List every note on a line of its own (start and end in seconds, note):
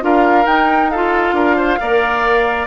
0.00 0.45 D4
0.00 0.44 F4
0.00 0.91 A#4
0.00 0.46 F5
0.45 1.32 D#4
0.45 0.90 D#4
0.45 0.90 G5
0.90 1.80 F4
0.90 1.35 A4
0.90 2.67 F5
1.32 1.77 D4
1.32 1.56 A#4
1.56 1.78 C5
1.80 2.67 A#3
1.80 2.67 A#4
1.80 2.67 D5